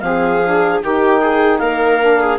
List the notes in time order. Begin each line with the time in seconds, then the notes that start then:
0.00 F3 C4 G#4 F5
0.44 D4
0.82 D#3 D#4 G4 G5
1.21 G#4
1.58 A#3 A#4 F5
2.00 D4
2.21 G#4